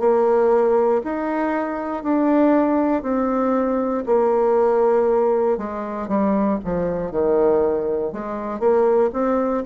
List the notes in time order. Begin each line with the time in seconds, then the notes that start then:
0.00 A#3
1.04 D#4
2.03 D4
3.03 C4
4.06 A#3
5.58 G#3
6.08 G3
6.65 F3
7.11 D#3
8.13 G#3
8.60 A#3
9.13 C4